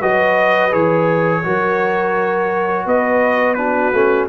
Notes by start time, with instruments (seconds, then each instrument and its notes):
0.00 tuba F#3, trombone F#4, horn B4, trumpet D#5
0.71 tuba E3, trombone G#4, trumpet C#5
1.43 tuba F#3, trombone F#4, horn A#4
2.85 tuba B3, horn B4, trumpet D#5
3.54 trombone D4, horn F#4, trumpet B4
3.93 tuba A3, trombone C#4